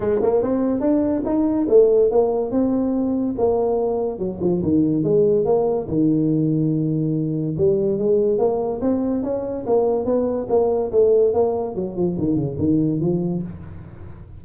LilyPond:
\new Staff \with { instrumentName = "tuba" } { \time 4/4 \tempo 4 = 143 gis8 ais8 c'4 d'4 dis'4 | a4 ais4 c'2 | ais2 fis8 f8 dis4 | gis4 ais4 dis2~ |
dis2 g4 gis4 | ais4 c'4 cis'4 ais4 | b4 ais4 a4 ais4 | fis8 f8 dis8 cis8 dis4 f4 | }